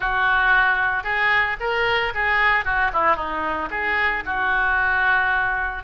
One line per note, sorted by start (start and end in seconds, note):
0.00 1.03 F#4
1.03 1.56 G#4
1.60 2.13 A#4
2.14 2.64 G#4
2.64 2.91 F#4
2.93 3.16 E4
3.16 3.69 D#4
3.70 4.23 G#4
4.25 5.83 F#4